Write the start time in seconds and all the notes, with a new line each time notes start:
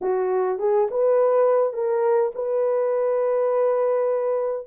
0.01 F#4
0.58 G#4
0.90 B4
1.73 A#4
2.35 B4